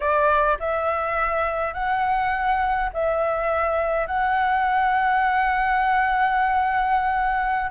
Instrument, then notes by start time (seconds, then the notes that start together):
flute
0.00 D5
0.59 E5
1.73 F#5
2.93 E5
4.06 F#5